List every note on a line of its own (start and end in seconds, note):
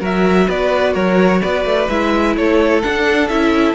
0.00 0.47 F#3
0.00 1.89 F#4
0.00 0.47 A#4
0.00 0.50 E5
0.49 0.95 B3
0.49 0.93 B4
0.49 0.95 D5
0.93 1.42 F#3
0.93 1.40 A#4
0.93 1.42 C#5
1.41 1.65 B3
1.41 2.35 B4
1.41 1.89 D5
1.65 1.88 A3
1.89 2.36 G#3
1.89 2.83 E4
1.89 2.36 E5
2.36 2.83 A3
2.36 3.74 A4
2.36 2.82 C#5
2.82 3.30 D4
2.82 3.29 D4
2.82 3.28 F#5
3.28 3.74 C#4
3.28 3.74 E4
3.28 3.74 E5